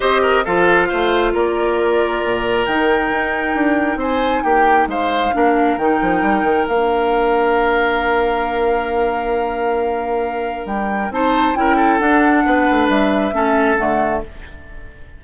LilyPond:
<<
  \new Staff \with { instrumentName = "flute" } { \time 4/4 \tempo 4 = 135 dis''4 f''2 d''4~ | d''2 g''2~ | g''4 gis''4 g''4 f''4~ | f''4 g''2 f''4~ |
f''1~ | f''1 | g''4 a''4 g''4 fis''4~ | fis''4 e''2 fis''4 | }
  \new Staff \with { instrumentName = "oboe" } { \time 4/4 c''8 ais'8 a'4 c''4 ais'4~ | ais'1~ | ais'4 c''4 g'4 c''4 | ais'1~ |
ais'1~ | ais'1~ | ais'4 c''4 ais'8 a'4. | b'2 a'2 | }
  \new Staff \with { instrumentName = "clarinet" } { \time 4/4 g'4 f'2.~ | f'2 dis'2~ | dis'1 | d'4 dis'2 d'4~ |
d'1~ | d'1~ | d'4 dis'4 e'4 d'4~ | d'2 cis'4 a4 | }
  \new Staff \with { instrumentName = "bassoon" } { \time 4/4 c'4 f4 a4 ais4~ | ais4 ais,4 dis4 dis'4 | d'4 c'4 ais4 gis4 | ais4 dis8 f8 g8 dis8 ais4~ |
ais1~ | ais1 | g4 c'4 cis'4 d'4 | b8 a8 g4 a4 d4 | }
>>